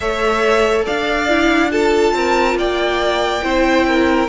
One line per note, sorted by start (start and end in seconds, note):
0.00 0.86 A3
0.00 1.28 A4
0.00 0.85 C#5
0.00 0.82 E5
0.85 2.12 D4
0.85 1.70 D5
0.85 1.71 F5
1.28 1.69 E4
1.69 3.41 F4
1.69 2.14 A4
1.69 2.57 A5
2.12 2.55 C4
2.12 2.58 A#4
2.55 3.41 A#3
2.55 3.43 D5
2.55 4.28 G5
3.42 4.28 C4
3.42 4.28 E4
3.42 3.86 C5
3.87 4.28 A#4